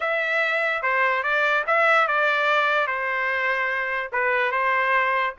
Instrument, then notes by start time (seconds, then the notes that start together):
trumpet
0.00 E5
0.82 C5
1.23 D5
1.66 E5
2.07 D5
2.87 C5
4.12 B4
4.51 C5